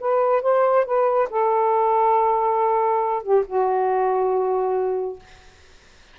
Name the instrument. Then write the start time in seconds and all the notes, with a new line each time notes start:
saxophone
0.00 B4
0.42 C5
0.85 B4
1.30 A4
3.23 G4
3.46 F#4